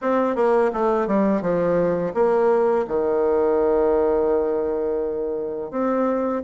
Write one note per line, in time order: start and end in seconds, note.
0.01 0.35 C4
0.35 0.71 A#3
0.73 1.07 A3
1.07 1.41 G3
1.41 2.13 F3
2.14 2.85 A#3
2.87 5.70 D#3
5.70 6.42 C4